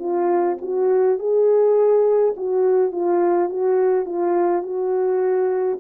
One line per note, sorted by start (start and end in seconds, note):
0.00 0.58 F4
0.62 1.20 F#4
1.20 2.35 G#4
2.37 2.92 F#4
2.92 3.50 F4
3.50 4.06 F#4
4.06 4.63 F4
4.63 5.78 F#4